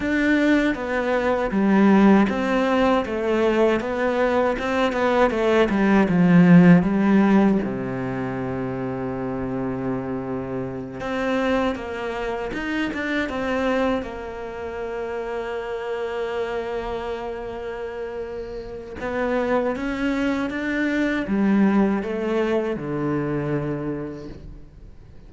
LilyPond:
\new Staff \with { instrumentName = "cello" } { \time 4/4 \tempo 4 = 79 d'4 b4 g4 c'4 | a4 b4 c'8 b8 a8 g8 | f4 g4 c2~ | c2~ c8 c'4 ais8~ |
ais8 dis'8 d'8 c'4 ais4.~ | ais1~ | ais4 b4 cis'4 d'4 | g4 a4 d2 | }